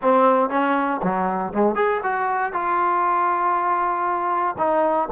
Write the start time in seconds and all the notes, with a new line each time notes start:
0.02 C4
0.49 C#4
1.02 F#3
1.53 G#3
1.75 G#4
2.03 F#4
2.52 F4
4.57 D#4